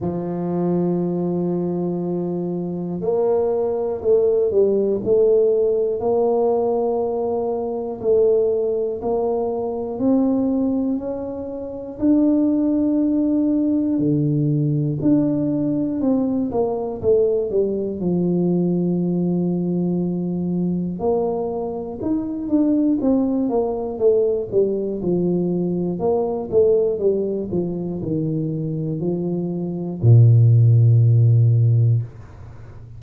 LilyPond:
\new Staff \with { instrumentName = "tuba" } { \time 4/4 \tempo 4 = 60 f2. ais4 | a8 g8 a4 ais2 | a4 ais4 c'4 cis'4 | d'2 d4 d'4 |
c'8 ais8 a8 g8 f2~ | f4 ais4 dis'8 d'8 c'8 ais8 | a8 g8 f4 ais8 a8 g8 f8 | dis4 f4 ais,2 | }